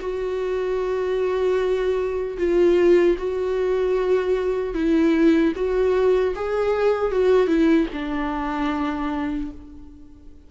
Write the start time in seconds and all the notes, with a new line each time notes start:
0.00 F#4
2.37 F4
3.18 F#4
4.74 E4
5.55 F#4
6.35 G#4
7.11 F#4
7.47 E4
7.93 D4